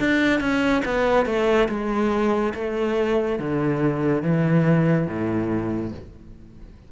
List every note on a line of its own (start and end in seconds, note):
0.00 0.40 D4
0.40 0.83 C#4
0.85 1.26 B3
1.26 1.69 A3
1.69 2.54 G#3
2.55 3.39 A3
3.39 4.23 D3
4.23 5.07 E3
5.07 5.92 A2